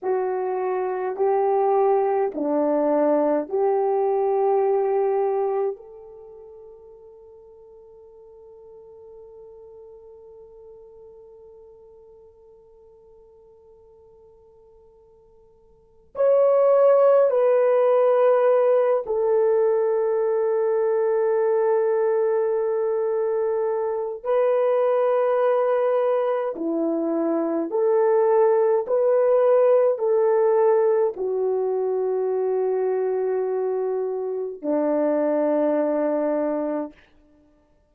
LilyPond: \new Staff \with { instrumentName = "horn" } { \time 4/4 \tempo 4 = 52 fis'4 g'4 d'4 g'4~ | g'4 a'2.~ | a'1~ | a'2 cis''4 b'4~ |
b'8 a'2.~ a'8~ | a'4 b'2 e'4 | a'4 b'4 a'4 fis'4~ | fis'2 d'2 | }